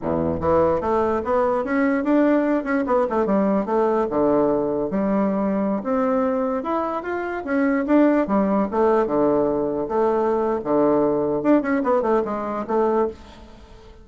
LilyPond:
\new Staff \with { instrumentName = "bassoon" } { \time 4/4 \tempo 4 = 147 e,4 e4 a4 b4 | cis'4 d'4. cis'8 b8 a8 | g4 a4 d2 | g2~ g16 c'4.~ c'16~ |
c'16 e'4 f'4 cis'4 d'8.~ | d'16 g4 a4 d4.~ d16~ | d16 a4.~ a16 d2 | d'8 cis'8 b8 a8 gis4 a4 | }